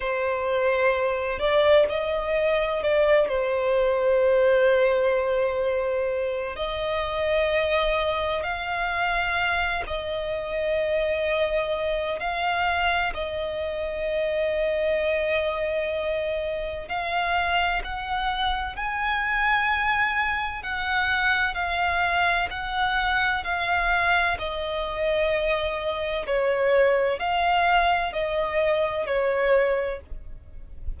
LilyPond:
\new Staff \with { instrumentName = "violin" } { \time 4/4 \tempo 4 = 64 c''4. d''8 dis''4 d''8 c''8~ | c''2. dis''4~ | dis''4 f''4. dis''4.~ | dis''4 f''4 dis''2~ |
dis''2 f''4 fis''4 | gis''2 fis''4 f''4 | fis''4 f''4 dis''2 | cis''4 f''4 dis''4 cis''4 | }